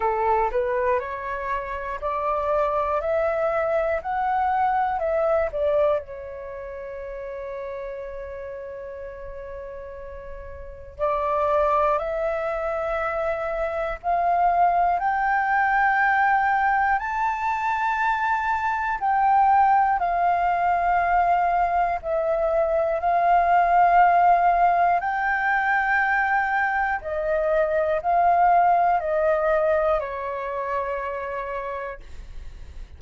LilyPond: \new Staff \with { instrumentName = "flute" } { \time 4/4 \tempo 4 = 60 a'8 b'8 cis''4 d''4 e''4 | fis''4 e''8 d''8 cis''2~ | cis''2. d''4 | e''2 f''4 g''4~ |
g''4 a''2 g''4 | f''2 e''4 f''4~ | f''4 g''2 dis''4 | f''4 dis''4 cis''2 | }